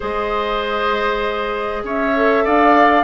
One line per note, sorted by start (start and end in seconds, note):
0.00 1.83 G#3
0.00 2.13 G#4
0.00 1.82 C5
0.00 1.85 D#5
1.83 2.44 C#4
1.83 2.44 C#5
1.83 2.46 E5
2.15 3.03 A4
2.44 3.03 D4
2.44 3.03 D5
2.44 3.03 F5